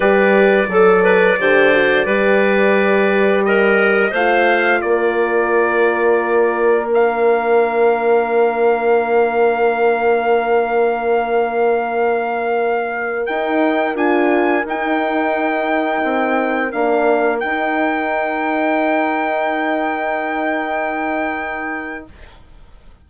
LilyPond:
<<
  \new Staff \with { instrumentName = "trumpet" } { \time 4/4 \tempo 4 = 87 d''1~ | d''4 dis''4 f''4 d''4~ | d''2 f''2~ | f''1~ |
f''2.~ f''16 g''8.~ | g''16 gis''4 g''2~ g''8.~ | g''16 f''4 g''2~ g''8.~ | g''1 | }
  \new Staff \with { instrumentName = "clarinet" } { \time 4/4 b'4 a'8 b'8 c''4 b'4~ | b'4 ais'4 c''4 ais'4~ | ais'1~ | ais'1~ |
ais'1~ | ais'1~ | ais'1~ | ais'1 | }
  \new Staff \with { instrumentName = "horn" } { \time 4/4 g'4 a'4 g'8 fis'8 g'4~ | g'2 f'2~ | f'2 d'2~ | d'1~ |
d'2.~ d'16 dis'8.~ | dis'16 f'4 dis'2~ dis'8.~ | dis'16 d'4 dis'2~ dis'8.~ | dis'1 | }
  \new Staff \with { instrumentName = "bassoon" } { \time 4/4 g4 fis4 d4 g4~ | g2 a4 ais4~ | ais1~ | ais1~ |
ais2.~ ais16 dis'8.~ | dis'16 d'4 dis'2 c'8.~ | c'16 ais4 dis'2~ dis'8.~ | dis'1 | }
>>